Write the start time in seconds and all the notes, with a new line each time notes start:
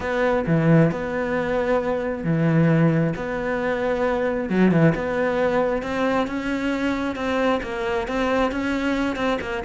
0.00 B3
0.46 E3
0.91 B3
2.24 E3
3.16 B3
4.49 F#3
4.71 E3
4.94 B3
5.82 C4
6.27 C#4
7.15 C4
7.63 A#3
8.07 C4
8.51 C#4
9.16 C4
9.41 A#3